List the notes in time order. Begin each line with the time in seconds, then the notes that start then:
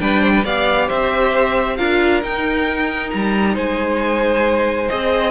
0.00 G3 D4 B4 G5
0.21 C5
0.35 B4
0.44 B3 G4 D5 F5
0.87 C4 C5 E5
1.77 D4 F4 A#4 F5
2.24 D#4 G5
3.10 G3 A#5
3.54 G#3 C5 G#5
4.89 C4 G#4 D#5